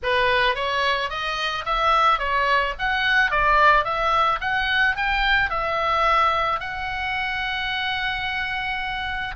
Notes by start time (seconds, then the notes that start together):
0.03 B4
0.55 C#5
1.10 D#5
1.65 E5
2.19 C#5
2.78 F#5
3.30 D5
3.84 E5
4.40 F#5
4.96 G5
5.50 E5
6.59 F#5